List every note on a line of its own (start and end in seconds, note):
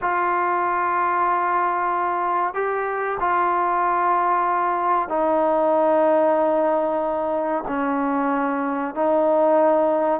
0.01 2.54 F4
2.54 3.17 G4
3.20 5.08 F4
5.08 7.64 D#4
7.67 8.94 C#4
8.94 10.20 D#4